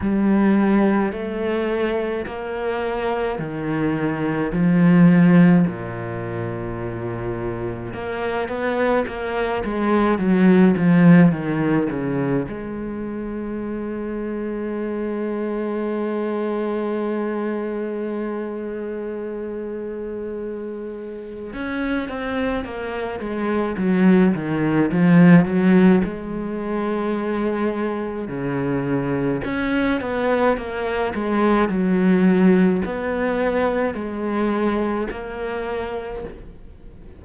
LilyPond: \new Staff \with { instrumentName = "cello" } { \time 4/4 \tempo 4 = 53 g4 a4 ais4 dis4 | f4 ais,2 ais8 b8 | ais8 gis8 fis8 f8 dis8 cis8 gis4~ | gis1~ |
gis2. cis'8 c'8 | ais8 gis8 fis8 dis8 f8 fis8 gis4~ | gis4 cis4 cis'8 b8 ais8 gis8 | fis4 b4 gis4 ais4 | }